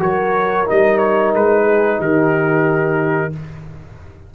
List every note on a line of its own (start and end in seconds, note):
0.00 0.67 F#3
0.00 0.66 F#4
0.00 1.64 A#4
0.00 0.68 C#5
0.66 1.34 G3
0.66 3.33 D#4
0.66 0.98 D#5
0.98 1.32 C#5
1.34 1.99 G#3
1.34 2.02 B4
1.64 1.98 G#4
1.99 3.33 D#3
1.99 3.32 G4
1.99 3.35 A#4